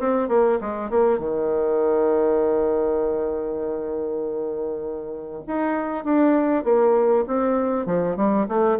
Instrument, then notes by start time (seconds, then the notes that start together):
bassoon
0.00 C4
0.29 A#3
0.61 G#3
0.90 A#3
1.19 D#3
5.47 D#4
6.04 D4
6.64 A#3
7.27 C4
7.86 F3
8.16 G3
8.48 A3